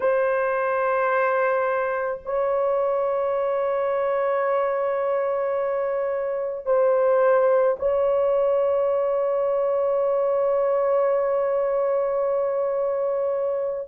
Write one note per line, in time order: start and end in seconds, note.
0.00 2.21 C5
2.25 6.65 C#5
6.65 7.76 C5
7.79 13.87 C#5